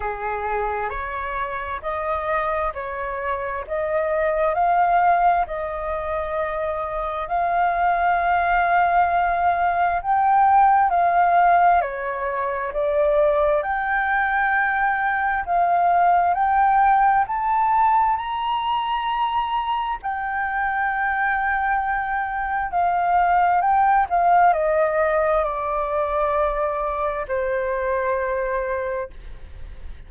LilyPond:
\new Staff \with { instrumentName = "flute" } { \time 4/4 \tempo 4 = 66 gis'4 cis''4 dis''4 cis''4 | dis''4 f''4 dis''2 | f''2. g''4 | f''4 cis''4 d''4 g''4~ |
g''4 f''4 g''4 a''4 | ais''2 g''2~ | g''4 f''4 g''8 f''8 dis''4 | d''2 c''2 | }